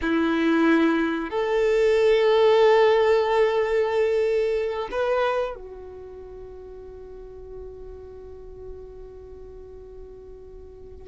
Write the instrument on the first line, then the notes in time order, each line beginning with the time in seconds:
violin
0.01 E4
1.30 A4
4.91 B4
5.55 F#4